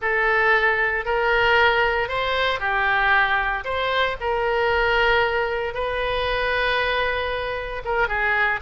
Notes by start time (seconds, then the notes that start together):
0.01 A4
1.05 A#4
2.08 C5
2.59 G4
3.64 C5
4.20 A#4
5.73 B4
7.85 A#4
8.08 G#4